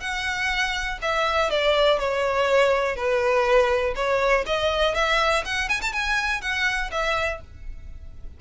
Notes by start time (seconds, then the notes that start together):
0.00 F#5
1.01 E5
1.50 D5
1.99 C#5
2.96 B4
3.95 C#5
4.46 D#5
4.94 E5
5.45 F#5
5.68 G#5
5.81 A5
5.92 G#5
6.41 F#5
6.91 E5